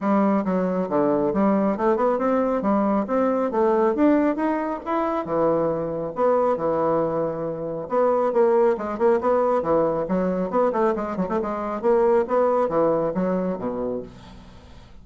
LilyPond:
\new Staff \with { instrumentName = "bassoon" } { \time 4/4 \tempo 4 = 137 g4 fis4 d4 g4 | a8 b8 c'4 g4 c'4 | a4 d'4 dis'4 e'4 | e2 b4 e4~ |
e2 b4 ais4 | gis8 ais8 b4 e4 fis4 | b8 a8 gis8 fis16 a16 gis4 ais4 | b4 e4 fis4 b,4 | }